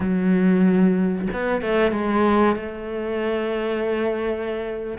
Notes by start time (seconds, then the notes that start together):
0.00 F#3
1.33 B3
1.61 A3
1.91 G#3
2.56 A3